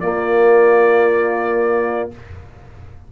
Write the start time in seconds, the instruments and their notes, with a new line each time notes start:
0.00 trombone A#3, tuba A#3, horn F4, trumpet D5